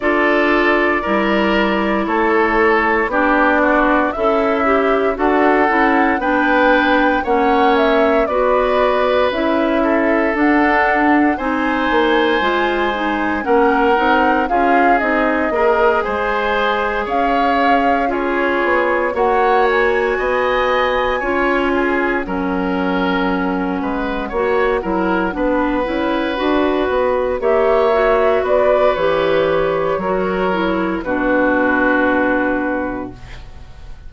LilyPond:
<<
  \new Staff \with { instrumentName = "flute" } { \time 4/4 \tempo 4 = 58 d''2 cis''4 d''4 | e''4 fis''4 g''4 fis''8 e''8 | d''4 e''4 fis''4 gis''4~ | gis''4 fis''4 f''8 dis''4 gis''8~ |
gis''8 f''4 cis''4 fis''8 gis''4~ | gis''4. fis''2~ fis''8~ | fis''2~ fis''8 e''4 d''8 | cis''2 b'2 | }
  \new Staff \with { instrumentName = "oboe" } { \time 4/4 a'4 ais'4 a'4 g'8 fis'8 | e'4 a'4 b'4 cis''4 | b'4. a'4. c''4~ | c''4 ais'4 gis'4 ais'8 c''8~ |
c''8 cis''4 gis'4 cis''4 dis''8~ | dis''8 cis''8 gis'8 ais'4. b'8 cis''8 | ais'8 b'2 cis''4 b'8~ | b'4 ais'4 fis'2 | }
  \new Staff \with { instrumentName = "clarinet" } { \time 4/4 f'4 e'2 d'4 | a'8 g'8 fis'8 e'8 d'4 cis'4 | fis'4 e'4 d'4 dis'4 | f'8 dis'8 cis'8 dis'8 f'8 dis'8 gis'4~ |
gis'4. f'4 fis'4.~ | fis'8 f'4 cis'2 fis'8 | e'8 d'8 e'8 fis'4 g'8 fis'4 | g'4 fis'8 e'8 d'2 | }
  \new Staff \with { instrumentName = "bassoon" } { \time 4/4 d'4 g4 a4 b4 | cis'4 d'8 cis'8 b4 ais4 | b4 cis'4 d'4 c'8 ais8 | gis4 ais8 c'8 cis'8 c'8 ais8 gis8~ |
gis8 cis'4. b8 ais4 b8~ | b8 cis'4 fis4. gis8 ais8 | fis8 b8 cis'8 d'8 b8 ais4 b8 | e4 fis4 b,2 | }
>>